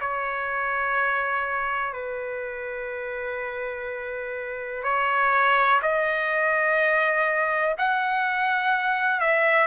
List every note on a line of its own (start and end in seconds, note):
0.00 1.93 C#5
1.93 4.83 B4
4.83 5.80 C#5
5.82 7.75 D#5
7.78 9.20 F#5
9.20 9.67 E5